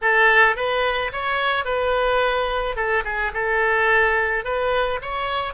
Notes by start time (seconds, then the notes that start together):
0.01 A4
0.56 B4
1.12 C#5
1.64 B4
2.76 A4
3.04 G#4
3.33 A4
4.44 B4
5.02 C#5